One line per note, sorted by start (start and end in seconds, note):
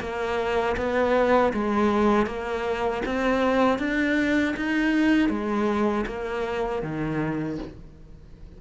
0.00 0.76 A#3
0.77 1.53 B3
1.53 2.26 G#3
2.26 3.02 A#3
3.06 3.79 C4
3.79 4.55 D4
4.57 5.29 D#4
5.29 6.05 G#3
6.07 6.83 A#3
6.83 7.58 D#3